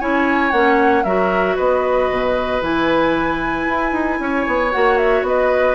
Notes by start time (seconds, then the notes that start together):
0.00 C#4 E4 C#5 G#5
0.51 A#3 C#4 F#5
1.04 F#3 F#4 A#4 E5
1.56 B3 B4 D#5
2.11 B2
2.62 E3 E4 G#5
3.69 E4
3.92 D#4
4.20 C#4 C#5
4.47 B3
4.72 A#3 F#4 F#5
4.98 E5
5.23 B3 B4 D#5